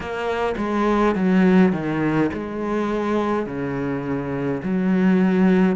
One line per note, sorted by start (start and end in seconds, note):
0.00 0.55 A#3
0.57 1.15 G#3
1.15 1.72 F#3
1.72 2.30 D#3
2.33 3.46 G#3
3.46 4.61 C#3
4.63 5.75 F#3